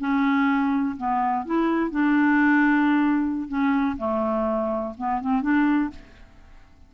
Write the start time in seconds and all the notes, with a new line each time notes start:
0.00 C#4
0.98 B3
1.46 E4
1.91 D4
3.49 C#4
3.98 A3
4.98 B3
5.21 C4
5.42 D4